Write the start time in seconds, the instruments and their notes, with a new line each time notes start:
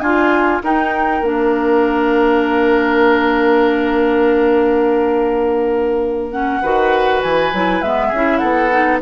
0.00 bassoon D4, oboe F4, clarinet F4, flute G#5
0.63 clarinet D#4, bassoon D#4, oboe A#4, flute G5
1.21 bassoon A#3, clarinet D4, flute F5
6.31 clarinet C#4, flute F#5
6.61 bassoon D#3, clarinet F#4, oboe B4
7.22 bassoon E3, flute G#5
7.53 bassoon F#3, clarinet E4
7.82 bassoon G#3, clarinet B3, flute E5
8.08 bassoon C#4, oboe G#4
8.15 clarinet E4
8.38 bassoon B3, oboe A4, flute F#5
8.71 clarinet D#4